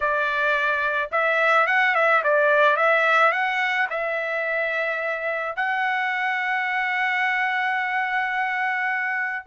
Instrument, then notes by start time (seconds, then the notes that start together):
trumpet
0.00 D5
1.11 E5
1.66 F#5
1.94 E5
2.23 D5
2.76 E5
3.32 F#5
3.89 E5
5.56 F#5